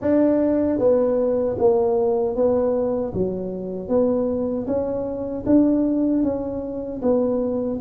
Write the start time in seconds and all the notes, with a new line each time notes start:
0.01 D4
0.79 B3
1.58 A#3
2.35 B3
3.13 F#3
3.88 B3
4.66 C#4
5.45 D4
6.23 C#4
7.02 B3